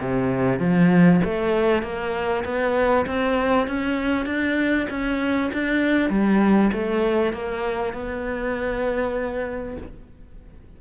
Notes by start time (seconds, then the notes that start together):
0.00 C3
0.59 F3
1.24 A3
1.82 A#3
2.44 B3
3.06 C4
3.67 C#4
4.25 D4
4.90 C#4
5.52 D4
6.09 G3
6.72 A3
7.32 A#3
7.93 B3